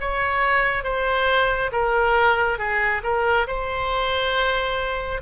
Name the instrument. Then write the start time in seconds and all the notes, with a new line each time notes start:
oboe
0.00 C#5
0.83 C5
1.72 A#4
2.58 G#4
3.03 A#4
3.47 C5